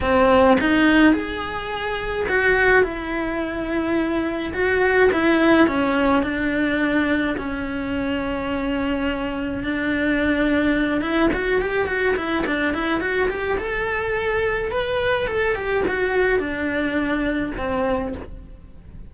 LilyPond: \new Staff \with { instrumentName = "cello" } { \time 4/4 \tempo 4 = 106 c'4 dis'4 gis'2 | fis'4 e'2. | fis'4 e'4 cis'4 d'4~ | d'4 cis'2.~ |
cis'4 d'2~ d'8 e'8 | fis'8 g'8 fis'8 e'8 d'8 e'8 fis'8 g'8 | a'2 b'4 a'8 g'8 | fis'4 d'2 c'4 | }